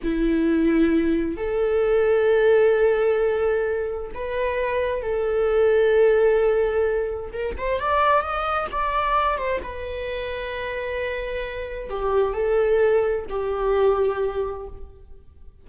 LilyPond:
\new Staff \with { instrumentName = "viola" } { \time 4/4 \tempo 4 = 131 e'2. a'4~ | a'1~ | a'4 b'2 a'4~ | a'1 |
ais'8 c''8 d''4 dis''4 d''4~ | d''8 c''8 b'2.~ | b'2 g'4 a'4~ | a'4 g'2. | }